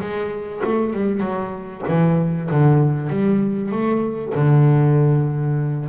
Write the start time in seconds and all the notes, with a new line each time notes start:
0.00 G#3
0.64 A3
0.93 G3
1.20 F#3
1.88 E3
2.50 D3
3.09 G3
3.71 A3
4.34 D3